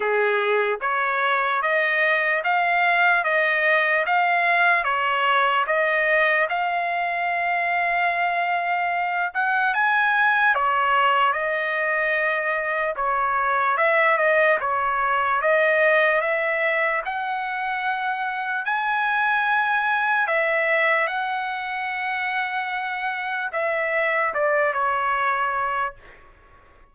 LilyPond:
\new Staff \with { instrumentName = "trumpet" } { \time 4/4 \tempo 4 = 74 gis'4 cis''4 dis''4 f''4 | dis''4 f''4 cis''4 dis''4 | f''2.~ f''8 fis''8 | gis''4 cis''4 dis''2 |
cis''4 e''8 dis''8 cis''4 dis''4 | e''4 fis''2 gis''4~ | gis''4 e''4 fis''2~ | fis''4 e''4 d''8 cis''4. | }